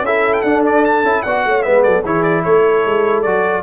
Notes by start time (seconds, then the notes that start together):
0.00 C#4 E4 A4 E5
0.33 G5
0.41 D4 F#5
0.66 D5
0.85 A5
1.02 C#4 E4
1.22 B3 F#4 D5 F#5
1.45 A3 C#5
1.62 G#3 B3 B4 E5
1.83 F#3 A4 D5
2.03 E3 E4 G#4 C#5
2.23 D5
2.43 A3 A4 C#5
2.85 G#3
3.22 F#3 F#4 D5